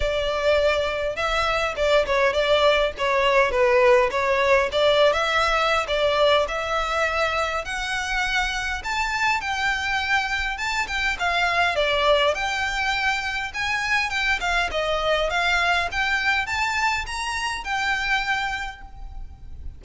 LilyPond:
\new Staff \with { instrumentName = "violin" } { \time 4/4 \tempo 4 = 102 d''2 e''4 d''8 cis''8 | d''4 cis''4 b'4 cis''4 | d''8. e''4~ e''16 d''4 e''4~ | e''4 fis''2 a''4 |
g''2 a''8 g''8 f''4 | d''4 g''2 gis''4 | g''8 f''8 dis''4 f''4 g''4 | a''4 ais''4 g''2 | }